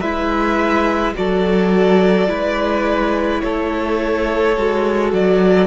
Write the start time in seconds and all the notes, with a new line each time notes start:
0.00 G#3 E4 B4 E5
1.15 F#3 F#4 A4 D5
2.27 G#3 E4 B4
3.41 A3 A4 C#5
4.56 G#3 F#4
5.12 F#3 D5